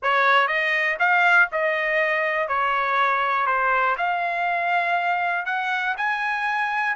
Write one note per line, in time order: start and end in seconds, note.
0.02 0.47 C#5
0.47 0.97 D#5
0.99 1.49 F5
1.51 2.48 D#5
2.48 3.46 C#5
3.46 3.96 C5
3.97 5.45 F5
5.45 5.95 F#5
5.97 6.96 G#5